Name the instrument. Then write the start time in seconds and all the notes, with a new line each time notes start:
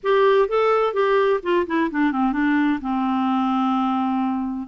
clarinet
0.03 G4
0.48 A4
0.93 G4
1.42 F4
1.66 E4
1.90 D4
2.12 C4
2.32 D4
2.81 C4